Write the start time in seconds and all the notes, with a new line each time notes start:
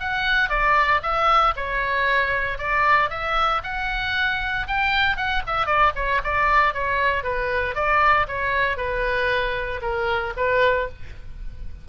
0.00 F#5
0.50 D5
1.03 E5
1.57 C#5
2.59 D5
3.10 E5
3.64 F#5
4.68 G5
5.17 F#5
5.47 E5
5.66 D5
5.96 C#5
6.24 D5
6.74 C#5
7.24 B4
7.75 D5
8.28 C#5
8.77 B4
9.82 A#4
10.37 B4